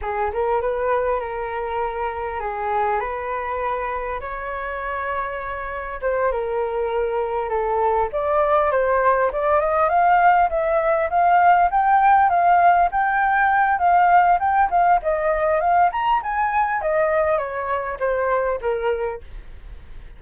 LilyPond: \new Staff \with { instrumentName = "flute" } { \time 4/4 \tempo 4 = 100 gis'8 ais'8 b'4 ais'2 | gis'4 b'2 cis''4~ | cis''2 c''8 ais'4.~ | ais'8 a'4 d''4 c''4 d''8 |
dis''8 f''4 e''4 f''4 g''8~ | g''8 f''4 g''4. f''4 | g''8 f''8 dis''4 f''8 ais''8 gis''4 | dis''4 cis''4 c''4 ais'4 | }